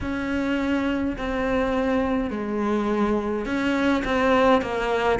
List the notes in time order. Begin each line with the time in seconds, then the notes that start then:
0.01 C#4
1.17 C4
2.30 G#3
3.45 C#4
4.04 C4
4.62 A#3